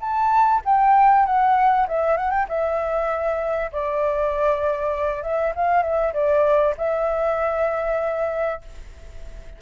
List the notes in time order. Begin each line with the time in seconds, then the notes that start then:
0.00 A5
0.65 G5
1.26 F#5
1.88 E5
2.17 F#5
2.31 G5
2.49 E5
3.72 D5
5.23 E5
5.55 F5
5.82 E5
6.13 D5
6.78 E5